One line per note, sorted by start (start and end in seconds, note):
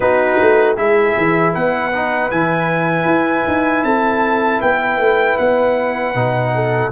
0.00 0.38 B3
0.00 0.76 D#4
0.00 0.77 F#4
0.00 0.76 B4
0.41 0.77 A3
0.76 1.15 G#3
0.76 1.92 E4
0.76 1.54 G#4
0.76 1.53 E5
1.17 1.55 E3
1.54 2.31 B3
1.54 3.84 B4
1.54 2.30 F#5
1.92 2.30 D#4
2.30 3.05 E3
2.30 6.15 E4
2.30 3.83 G#5
3.05 3.43 E4
3.47 3.83 D#4
3.83 4.60 C4
3.83 4.60 A4
3.83 4.60 A5
4.60 4.98 B3
4.60 6.52 B4
4.60 5.37 G5
4.98 5.36 A3
5.37 6.14 B3
5.37 6.91 F#5
6.14 6.91 B2
6.14 6.92 D#4
6.54 6.92 A4